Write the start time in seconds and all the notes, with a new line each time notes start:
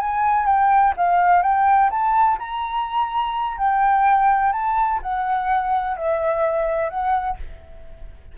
0.00 G#5
0.47 G5
0.97 F5
1.43 G5
1.91 A5
2.39 A#5
3.58 G5
4.53 A5
5.03 F#5
5.97 E5
6.90 F#5